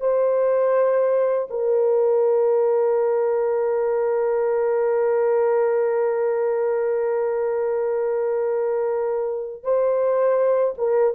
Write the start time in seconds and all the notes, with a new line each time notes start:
0.00 C5
1.50 A#4
9.63 C5
10.78 A#4